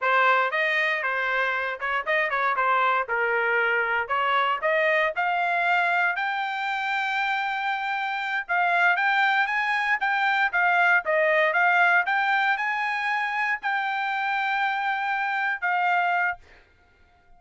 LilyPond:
\new Staff \with { instrumentName = "trumpet" } { \time 4/4 \tempo 4 = 117 c''4 dis''4 c''4. cis''8 | dis''8 cis''8 c''4 ais'2 | cis''4 dis''4 f''2 | g''1~ |
g''8 f''4 g''4 gis''4 g''8~ | g''8 f''4 dis''4 f''4 g''8~ | g''8 gis''2 g''4.~ | g''2~ g''8 f''4. | }